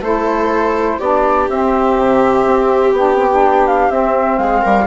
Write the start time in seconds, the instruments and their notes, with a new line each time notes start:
0.00 bassoon A3, saxophone E4, viola A4, flute C5
0.98 bassoon B3, saxophone D4, viola G4, flute D5
1.49 bassoon C4, saxophone C4, flute E5
1.97 bassoon C3
2.46 bassoon C4
2.92 bassoon B3, saxophone D4, flute G5
3.15 saxophone C4
3.30 saxophone D4
3.67 flute F5
3.90 bassoon C4, saxophone C4, flute E5
4.38 bassoon G#3, viola G#4, flute F5
4.61 bassoon G3, viola A#4